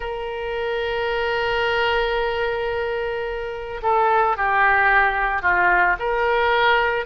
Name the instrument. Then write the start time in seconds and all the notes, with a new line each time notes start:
oboe
0.00 A#4
3.82 A4
4.36 G4
5.41 F4
5.99 A#4